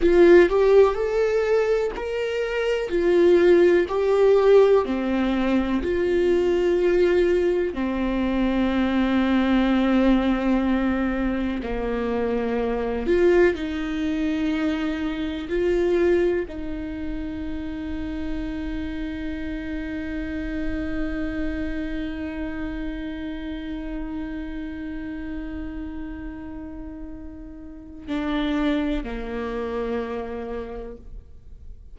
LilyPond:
\new Staff \with { instrumentName = "viola" } { \time 4/4 \tempo 4 = 62 f'8 g'8 a'4 ais'4 f'4 | g'4 c'4 f'2 | c'1 | ais4. f'8 dis'2 |
f'4 dis'2.~ | dis'1~ | dis'1~ | dis'4 d'4 ais2 | }